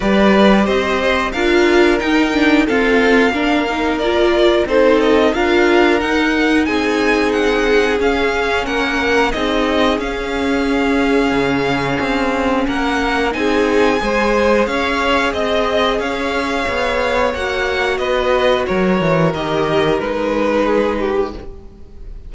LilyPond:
<<
  \new Staff \with { instrumentName = "violin" } { \time 4/4 \tempo 4 = 90 d''4 dis''4 f''4 g''4 | f''2 d''4 c''8 dis''8 | f''4 fis''4 gis''4 fis''4 | f''4 fis''4 dis''4 f''4~ |
f''2. fis''4 | gis''2 f''4 dis''4 | f''2 fis''4 dis''4 | cis''4 dis''4 b'2 | }
  \new Staff \with { instrumentName = "violin" } { \time 4/4 b'4 c''4 ais'2 | a'4 ais'2 a'4 | ais'2 gis'2~ | gis'4 ais'4 gis'2~ |
gis'2. ais'4 | gis'4 c''4 cis''4 dis''4 | cis''2. b'4 | ais'2. gis'8 g'8 | }
  \new Staff \with { instrumentName = "viola" } { \time 4/4 g'2 f'4 dis'8 d'8 | c'4 d'8 dis'8 f'4 dis'4 | f'4 dis'2. | cis'2 dis'4 cis'4~ |
cis'1 | dis'4 gis'2.~ | gis'2 fis'2~ | fis'4 g'4 dis'2 | }
  \new Staff \with { instrumentName = "cello" } { \time 4/4 g4 c'4 d'4 dis'4 | f'4 ais2 c'4 | d'4 dis'4 c'2 | cis'4 ais4 c'4 cis'4~ |
cis'4 cis4 c'4 ais4 | c'4 gis4 cis'4 c'4 | cis'4 b4 ais4 b4 | fis8 e8 dis4 gis2 | }
>>